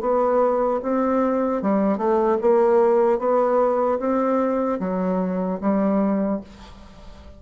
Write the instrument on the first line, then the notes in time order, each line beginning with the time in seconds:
bassoon
0.00 B3
0.82 C4
1.62 G3
1.97 A3
2.41 A#3
3.18 B3
3.99 C4
4.79 F#3
5.60 G3